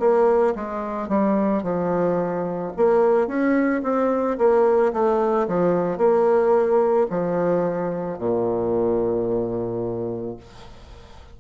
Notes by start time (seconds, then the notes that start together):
0.00 A#3
0.56 G#3
1.09 G3
1.63 F3
2.77 A#3
3.28 C#4
3.83 C4
4.38 A#3
4.93 A3
5.48 F3
5.98 A#3
7.11 F3
8.19 A#2